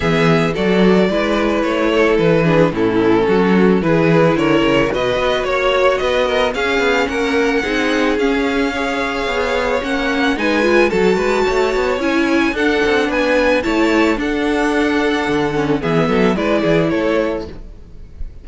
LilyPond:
<<
  \new Staff \with { instrumentName = "violin" } { \time 4/4 \tempo 4 = 110 e''4 d''2 cis''4 | b'4 a'2 b'4 | cis''4 dis''4 cis''4 dis''4 | f''4 fis''2 f''4~ |
f''2 fis''4 gis''4 | a''2 gis''4 fis''4 | gis''4 a''4 fis''2~ | fis''4 e''4 d''4 cis''4 | }
  \new Staff \with { instrumentName = "violin" } { \time 4/4 gis'4 a'4 b'4. a'8~ | a'8 gis'8 e'4 fis'4 gis'4 | ais'4 b'4 cis''4 b'8 ais'8 | gis'4 ais'4 gis'2 |
cis''2. b'4 | a'8 b'8 cis''2 a'4 | b'4 cis''4 a'2~ | a'4 gis'8 a'8 b'8 gis'8 a'4 | }
  \new Staff \with { instrumentName = "viola" } { \time 4/4 b4 fis'4 e'2~ | e'8 d'8 cis'2 e'4~ | e'4 fis'2. | cis'2 dis'4 cis'4 |
gis'2 cis'4 dis'8 f'8 | fis'2 e'4 d'4~ | d'4 e'4 d'2~ | d'8 cis'8 b4 e'2 | }
  \new Staff \with { instrumentName = "cello" } { \time 4/4 e4 fis4 gis4 a4 | e4 a,4 fis4 e4 | d8 cis8 b,8 b8 ais4 b4 | cis'8 b8 ais4 c'4 cis'4~ |
cis'4 b4 ais4 gis4 | fis8 gis8 a8 b8 cis'4 d'8 c'8 | b4 a4 d'2 | d4 e8 fis8 gis8 e8 a4 | }
>>